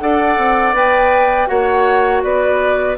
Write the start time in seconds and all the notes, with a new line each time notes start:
0.00 D4 A4 D5 F#5
0.38 C4
0.74 B3 B4 G5
1.48 A#3 F#4 C#5 F#5
2.23 B3 B4 D5